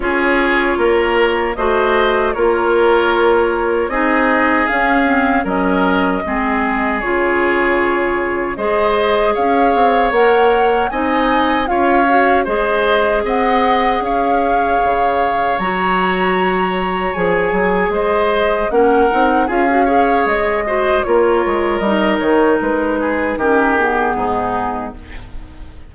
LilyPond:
<<
  \new Staff \with { instrumentName = "flute" } { \time 4/4 \tempo 4 = 77 cis''2 dis''4 cis''4~ | cis''4 dis''4 f''4 dis''4~ | dis''4 cis''2 dis''4 | f''4 fis''4 gis''4 f''4 |
dis''4 fis''4 f''2 | ais''2 gis''4 dis''4 | fis''4 f''4 dis''4 cis''4 | dis''8 cis''8 b'4 ais'8 gis'4. | }
  \new Staff \with { instrumentName = "oboe" } { \time 4/4 gis'4 ais'4 c''4 ais'4~ | ais'4 gis'2 ais'4 | gis'2. c''4 | cis''2 dis''4 cis''4 |
c''4 dis''4 cis''2~ | cis''2. c''4 | ais'4 gis'8 cis''4 c''8 ais'4~ | ais'4. gis'8 g'4 dis'4 | }
  \new Staff \with { instrumentName = "clarinet" } { \time 4/4 f'2 fis'4 f'4~ | f'4 dis'4 cis'8 c'8 cis'4 | c'4 f'2 gis'4~ | gis'4 ais'4 dis'4 f'8 fis'8 |
gis'1 | fis'2 gis'2 | cis'8 dis'8 f'16 fis'16 gis'4 fis'8 f'4 | dis'2 cis'8 b4. | }
  \new Staff \with { instrumentName = "bassoon" } { \time 4/4 cis'4 ais4 a4 ais4~ | ais4 c'4 cis'4 fis4 | gis4 cis2 gis4 | cis'8 c'8 ais4 c'4 cis'4 |
gis4 c'4 cis'4 cis4 | fis2 f8 fis8 gis4 | ais8 c'8 cis'4 gis4 ais8 gis8 | g8 dis8 gis4 dis4 gis,4 | }
>>